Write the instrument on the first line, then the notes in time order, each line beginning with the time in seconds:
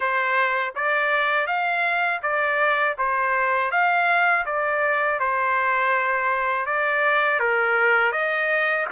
trumpet
0.00 C5
0.75 D5
1.46 F5
2.22 D5
2.98 C5
3.71 F5
4.45 D5
5.19 C5
6.66 D5
7.39 A#4
8.11 D#5